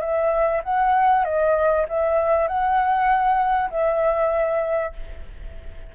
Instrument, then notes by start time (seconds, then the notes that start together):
flute
0.00 E5
0.63 F#5
1.24 D#5
1.88 E5
2.47 F#5
3.70 E5